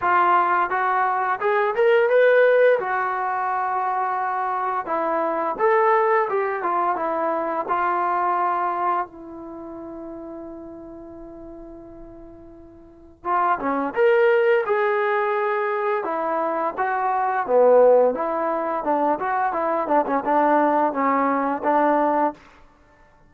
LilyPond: \new Staff \with { instrumentName = "trombone" } { \time 4/4 \tempo 4 = 86 f'4 fis'4 gis'8 ais'8 b'4 | fis'2. e'4 | a'4 g'8 f'8 e'4 f'4~ | f'4 e'2.~ |
e'2. f'8 cis'8 | ais'4 gis'2 e'4 | fis'4 b4 e'4 d'8 fis'8 | e'8 d'16 cis'16 d'4 cis'4 d'4 | }